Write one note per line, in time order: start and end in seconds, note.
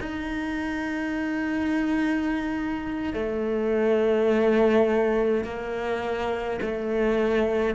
0.00 3.13 D#4
3.13 5.44 A3
5.44 6.59 A#3
6.61 7.75 A3